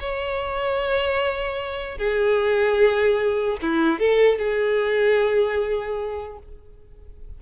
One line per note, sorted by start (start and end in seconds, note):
0.00 1.98 C#5
1.98 3.58 G#4
3.62 3.99 E4
3.99 4.38 A4
4.38 6.38 G#4